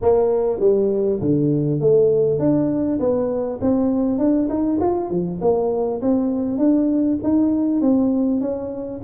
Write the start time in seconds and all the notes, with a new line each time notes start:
0.01 A#3
0.59 G3
1.20 D3
1.80 A3
2.39 D4
2.99 B3
3.61 C4
4.18 D4
4.49 D#4
4.80 F4
5.10 F3
5.41 A#3
6.01 C4
6.58 D4
7.23 D#4
7.81 C4
8.41 C#4